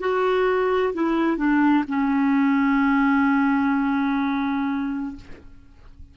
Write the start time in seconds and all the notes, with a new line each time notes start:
0.00 F#4
0.94 E4
1.38 D4
1.88 C#4